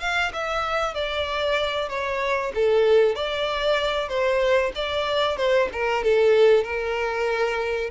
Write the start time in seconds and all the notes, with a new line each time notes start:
0.00 F5
0.33 E5
0.94 D5
1.89 C#5
2.54 A4
3.15 D5
4.08 C5
4.75 D5
5.37 C5
5.72 A#4
6.04 A4
6.63 A#4